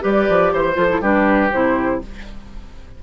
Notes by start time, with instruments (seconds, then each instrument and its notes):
0.00 bassoon G3, clarinet G4, oboe B4, flute D5
0.28 bassoon F3
0.52 bassoon E3, flute C5, oboe C5
0.73 bassoon F3, clarinet F4, flute A4
0.89 clarinet E4
1.01 bassoon G3, clarinet D4, oboe G4, flute B4
1.52 bassoon C3, clarinet E4, flute C5